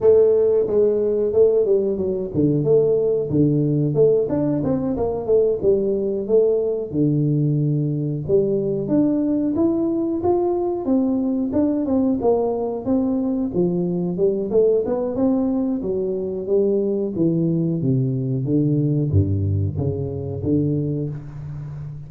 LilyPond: \new Staff \with { instrumentName = "tuba" } { \time 4/4 \tempo 4 = 91 a4 gis4 a8 g8 fis8 d8 | a4 d4 a8 d'8 c'8 ais8 | a8 g4 a4 d4.~ | d8 g4 d'4 e'4 f'8~ |
f'8 c'4 d'8 c'8 ais4 c'8~ | c'8 f4 g8 a8 b8 c'4 | fis4 g4 e4 c4 | d4 g,4 cis4 d4 | }